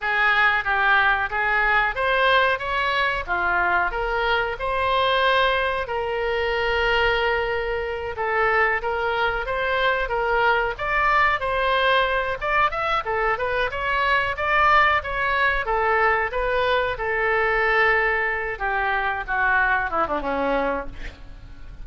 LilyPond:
\new Staff \with { instrumentName = "oboe" } { \time 4/4 \tempo 4 = 92 gis'4 g'4 gis'4 c''4 | cis''4 f'4 ais'4 c''4~ | c''4 ais'2.~ | ais'8 a'4 ais'4 c''4 ais'8~ |
ais'8 d''4 c''4. d''8 e''8 | a'8 b'8 cis''4 d''4 cis''4 | a'4 b'4 a'2~ | a'8 g'4 fis'4 e'16 d'16 cis'4 | }